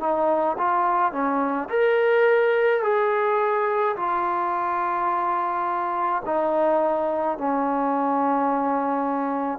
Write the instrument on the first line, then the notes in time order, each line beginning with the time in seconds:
trombone
0.00 D#4
0.58 F4
1.12 C#4
1.70 A#4
2.83 G#4
3.96 F4
6.26 D#4
7.38 C#4